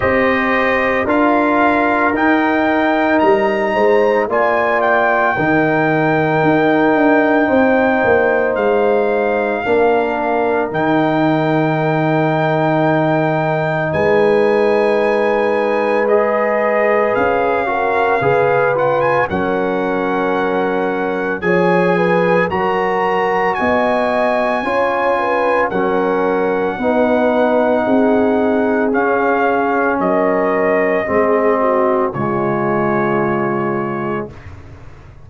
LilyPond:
<<
  \new Staff \with { instrumentName = "trumpet" } { \time 4/4 \tempo 4 = 56 dis''4 f''4 g''4 ais''4 | gis''8 g''2.~ g''8 | f''2 g''2~ | g''4 gis''2 dis''4 |
f''4. fis''16 gis''16 fis''2 | gis''4 ais''4 gis''2 | fis''2. f''4 | dis''2 cis''2 | }
  \new Staff \with { instrumentName = "horn" } { \time 4/4 c''4 ais'2~ ais'8 c''8 | d''4 ais'2 c''4~ | c''4 ais'2.~ | ais'4 b'2.~ |
b'8 ais'8 b'4 ais'2 | cis''8 b'8 ais'4 dis''4 cis''8 b'8 | ais'4 b'4 gis'2 | ais'4 gis'8 fis'8 f'2 | }
  \new Staff \with { instrumentName = "trombone" } { \time 4/4 g'4 f'4 dis'2 | f'4 dis'2.~ | dis'4 d'4 dis'2~ | dis'2. gis'4~ |
gis'8 fis'8 gis'8 f'8 cis'2 | gis'4 fis'2 f'4 | cis'4 dis'2 cis'4~ | cis'4 c'4 gis2 | }
  \new Staff \with { instrumentName = "tuba" } { \time 4/4 c'4 d'4 dis'4 g8 gis8 | ais4 dis4 dis'8 d'8 c'8 ais8 | gis4 ais4 dis2~ | dis4 gis2. |
cis'4 cis4 fis2 | f4 fis4 b4 cis'4 | fis4 b4 c'4 cis'4 | fis4 gis4 cis2 | }
>>